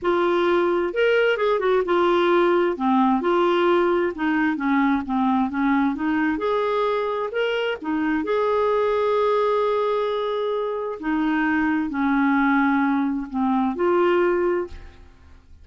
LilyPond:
\new Staff \with { instrumentName = "clarinet" } { \time 4/4 \tempo 4 = 131 f'2 ais'4 gis'8 fis'8 | f'2 c'4 f'4~ | f'4 dis'4 cis'4 c'4 | cis'4 dis'4 gis'2 |
ais'4 dis'4 gis'2~ | gis'1 | dis'2 cis'2~ | cis'4 c'4 f'2 | }